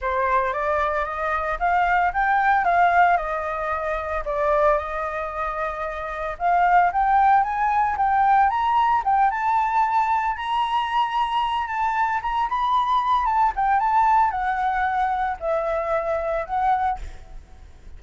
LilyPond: \new Staff \with { instrumentName = "flute" } { \time 4/4 \tempo 4 = 113 c''4 d''4 dis''4 f''4 | g''4 f''4 dis''2 | d''4 dis''2. | f''4 g''4 gis''4 g''4 |
ais''4 g''8 a''2 ais''8~ | ais''2 a''4 ais''8 b''8~ | b''4 a''8 g''8 a''4 fis''4~ | fis''4 e''2 fis''4 | }